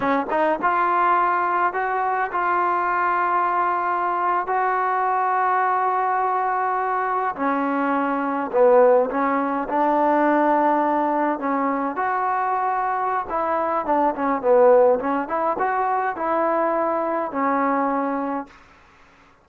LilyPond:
\new Staff \with { instrumentName = "trombone" } { \time 4/4 \tempo 4 = 104 cis'8 dis'8 f'2 fis'4 | f'2.~ f'8. fis'16~ | fis'1~ | fis'8. cis'2 b4 cis'16~ |
cis'8. d'2. cis'16~ | cis'8. fis'2~ fis'16 e'4 | d'8 cis'8 b4 cis'8 e'8 fis'4 | e'2 cis'2 | }